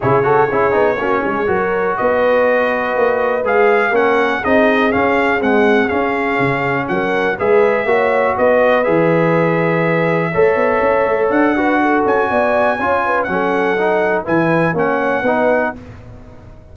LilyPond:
<<
  \new Staff \with { instrumentName = "trumpet" } { \time 4/4 \tempo 4 = 122 cis''1 | dis''2. f''4 | fis''4 dis''4 f''4 fis''4 | f''2 fis''4 e''4~ |
e''4 dis''4 e''2~ | e''2. fis''4~ | fis''8 gis''2~ gis''8 fis''4~ | fis''4 gis''4 fis''2 | }
  \new Staff \with { instrumentName = "horn" } { \time 4/4 gis'8 a'8 gis'4 fis'8 gis'8 ais'4 | b'1 | ais'4 gis'2.~ | gis'2 ais'4 b'4 |
cis''4 b'2.~ | b'4 cis''2~ cis''8 b'8 | a'4 d''4 cis''8 b'8 a'4~ | a'4 b'4 cis''4 b'4 | }
  \new Staff \with { instrumentName = "trombone" } { \time 4/4 e'8 fis'8 e'8 dis'8 cis'4 fis'4~ | fis'2. gis'4 | cis'4 dis'4 cis'4 gis4 | cis'2. gis'4 |
fis'2 gis'2~ | gis'4 a'2~ a'8 fis'8~ | fis'2 f'4 cis'4 | dis'4 e'4 cis'4 dis'4 | }
  \new Staff \with { instrumentName = "tuba" } { \time 4/4 cis4 cis'8 b8 ais8 gis8 fis4 | b2 ais4 gis4 | ais4 c'4 cis'4 c'4 | cis'4 cis4 fis4 gis4 |
ais4 b4 e2~ | e4 a8 b8 cis'8 a8 d'4~ | d'8 cis'8 b4 cis'4 fis4~ | fis4 e4 ais4 b4 | }
>>